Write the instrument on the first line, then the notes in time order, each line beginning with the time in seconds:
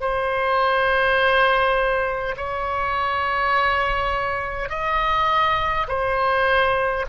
oboe
0.00 C5
2.36 C#5
4.68 D#5
5.88 C5